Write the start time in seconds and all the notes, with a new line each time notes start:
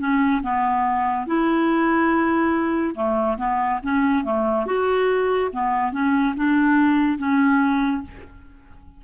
0.00 C#4
0.43 B3
1.27 E4
2.95 A3
3.38 B3
3.83 C#4
4.25 A3
4.67 F#4
5.53 B3
5.93 C#4
6.36 D4
7.19 C#4